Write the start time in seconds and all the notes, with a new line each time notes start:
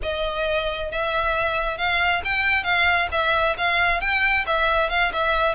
0.02 D#5
0.91 E5
1.77 F5
2.24 G5
2.63 F5
3.11 E5
3.57 F5
4.00 G5
4.46 E5
4.89 F5
5.12 E5